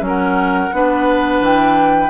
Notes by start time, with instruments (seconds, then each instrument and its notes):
0.00 bassoon F#3, clarinet C#4
0.06 oboe A#4, flute F#5
0.72 bassoon B3, clarinet D4, oboe B4
1.41 bassoon E3, flute G5